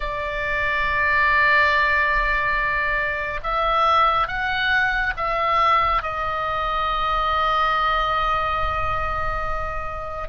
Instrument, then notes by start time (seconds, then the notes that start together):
oboe
0.00 D5
3.43 E5
4.27 F#5
5.16 E5
6.02 D#5